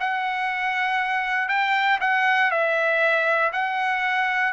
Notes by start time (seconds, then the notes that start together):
0.00 F#5
1.49 G5
2.01 F#5
2.51 E5
3.52 F#5